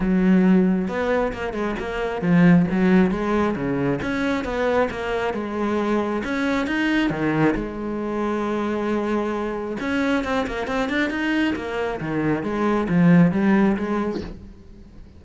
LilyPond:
\new Staff \with { instrumentName = "cello" } { \time 4/4 \tempo 4 = 135 fis2 b4 ais8 gis8 | ais4 f4 fis4 gis4 | cis4 cis'4 b4 ais4 | gis2 cis'4 dis'4 |
dis4 gis2.~ | gis2 cis'4 c'8 ais8 | c'8 d'8 dis'4 ais4 dis4 | gis4 f4 g4 gis4 | }